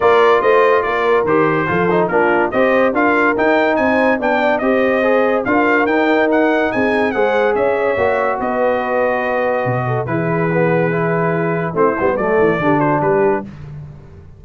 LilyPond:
<<
  \new Staff \with { instrumentName = "trumpet" } { \time 4/4 \tempo 4 = 143 d''4 dis''4 d''4 c''4~ | c''4 ais'4 dis''4 f''4 | g''4 gis''4 g''4 dis''4~ | dis''4 f''4 g''4 fis''4 |
gis''4 fis''4 e''2 | dis''1 | b'1 | c''4 d''4. c''8 b'4 | }
  \new Staff \with { instrumentName = "horn" } { \time 4/4 ais'4 c''4 ais'2 | a'4 f'4 c''4 ais'4~ | ais'4 c''4 d''4 c''4~ | c''4 ais'2. |
gis'4 c''4 cis''2 | b'2.~ b'8 a'8 | gis'1 | e'4 a'4 g'8 fis'8 g'4 | }
  \new Staff \with { instrumentName = "trombone" } { \time 4/4 f'2. g'4 | f'8 dis'8 d'4 g'4 f'4 | dis'2 d'4 g'4 | gis'4 f'4 dis'2~ |
dis'4 gis'2 fis'4~ | fis'1 | e'4 b4 e'2 | c'8 b8 a4 d'2 | }
  \new Staff \with { instrumentName = "tuba" } { \time 4/4 ais4 a4 ais4 dis4 | f4 ais4 c'4 d'4 | dis'4 c'4 b4 c'4~ | c'4 d'4 dis'2 |
c'4 gis4 cis'4 ais4 | b2. b,4 | e1 | a8 g8 fis8 e8 d4 g4 | }
>>